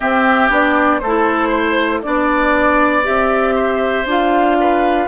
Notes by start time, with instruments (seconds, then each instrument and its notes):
0.00 clarinet C4, bassoon C4, oboe G4, flute E5
0.49 bassoon B3, clarinet D4, flute D5
0.99 bassoon A3, oboe A4, flute C5
1.06 clarinet E4
1.48 oboe C5
2.02 bassoon B3, clarinet D4, flute D5, oboe D5
3.03 bassoon C4, clarinet G4, flute E5
3.55 oboe C5
4.05 bassoon D4, clarinet F4, flute F5
4.60 oboe B4